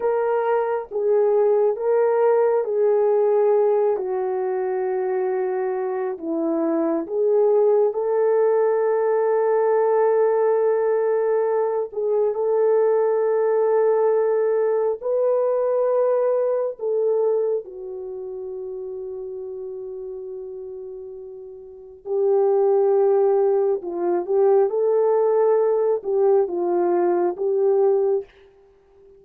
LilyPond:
\new Staff \with { instrumentName = "horn" } { \time 4/4 \tempo 4 = 68 ais'4 gis'4 ais'4 gis'4~ | gis'8 fis'2~ fis'8 e'4 | gis'4 a'2.~ | a'4. gis'8 a'2~ |
a'4 b'2 a'4 | fis'1~ | fis'4 g'2 f'8 g'8 | a'4. g'8 f'4 g'4 | }